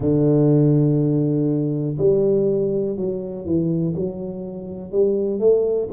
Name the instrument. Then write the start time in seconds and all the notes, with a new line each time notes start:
tuba
0.00 D3
1.98 G3
2.96 F#3
3.45 E3
3.96 F#3
4.91 G3
5.39 A3